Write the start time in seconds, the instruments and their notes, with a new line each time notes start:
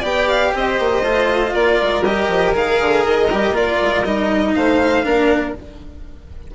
0.00 bassoon B3, cello G4, violin D5 G5
0.28 violin F5
0.54 bassoon C4, violin C5 D#5
0.79 bassoon A#3
1.02 bassoon A3, cello F4
1.53 bassoon A#3, violin A#4 D5
1.81 bassoon G#3
2.02 bassoon G3, cello G4, violin D#5
2.28 bassoon F3
2.53 bassoon D#3, cello G#4, violin F5
2.80 bassoon D3
3.04 bassoon D#3, violin D#5
3.30 bassoon G3, cello G4
3.51 bassoon A#3, cello F4, violin D5
3.81 bassoon G#3
4.04 bassoon G3, cello D#4, violin D#5
4.54 bassoon A3, violin C5 F5
5.03 bassoon A#3, cello D4, violin A#4